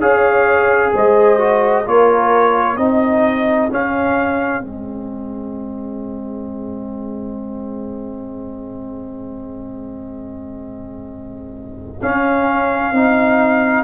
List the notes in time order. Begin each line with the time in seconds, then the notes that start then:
0.00 C#4 G#4 C#5 F5
0.94 G#3 C5 D#5
1.39 F#4
1.86 A#3 F4 A#4 C#5
2.77 C4 D#4 G#4 D#5
3.70 C#4 F5
4.61 G#3 C4 D#5
12.02 C#4 F5
12.92 C4 D#4